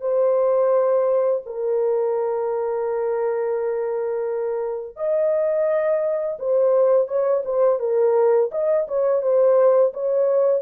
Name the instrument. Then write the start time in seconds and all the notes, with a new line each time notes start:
horn
0.00 C5
1.45 A#4
4.96 D#5
6.39 C5
7.07 C#5
7.45 C5
7.79 A#4
8.51 D#5
8.87 C#5
9.22 C5
9.93 C#5